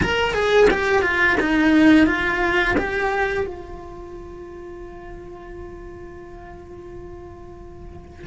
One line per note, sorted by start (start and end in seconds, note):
0.02 0.34 A#4
0.34 0.68 G#4
0.70 1.02 G4
1.02 1.36 F4
1.40 2.06 D#4
2.06 2.75 F4
2.77 3.46 G4
3.46 8.26 F4